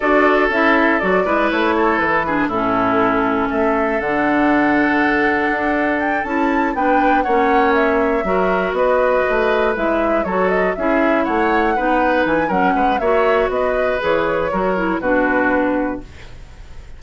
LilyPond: <<
  \new Staff \with { instrumentName = "flute" } { \time 4/4 \tempo 4 = 120 d''4 e''4 d''4 cis''4 | b'4 a'2 e''4 | fis''1 | g''8 a''4 g''4 fis''4 e''8~ |
e''4. dis''2 e''8~ | e''8 cis''8 dis''8 e''4 fis''4.~ | fis''8 gis''8 fis''4 e''4 dis''4 | cis''2 b'2 | }
  \new Staff \with { instrumentName = "oboe" } { \time 4/4 a'2~ a'8 b'4 a'8~ | a'8 gis'8 e'2 a'4~ | a'1~ | a'4. b'4 cis''4.~ |
cis''8 ais'4 b'2~ b'8~ | b'8 a'4 gis'4 cis''4 b'8~ | b'4 ais'8 b'8 cis''4 b'4~ | b'4 ais'4 fis'2 | }
  \new Staff \with { instrumentName = "clarinet" } { \time 4/4 fis'4 e'4 fis'8 e'4.~ | e'8 d'8 cis'2. | d'1~ | d'8 e'4 d'4 cis'4.~ |
cis'8 fis'2. e'8~ | e'8 fis'4 e'2 dis'8~ | dis'4 cis'4 fis'2 | gis'4 fis'8 e'8 d'2 | }
  \new Staff \with { instrumentName = "bassoon" } { \time 4/4 d'4 cis'4 fis8 gis8 a4 | e4 a,2 a4 | d2. d'4~ | d'8 cis'4 b4 ais4.~ |
ais8 fis4 b4 a4 gis8~ | gis8 fis4 cis'4 a4 b8~ | b8 e8 fis8 gis8 ais4 b4 | e4 fis4 b,2 | }
>>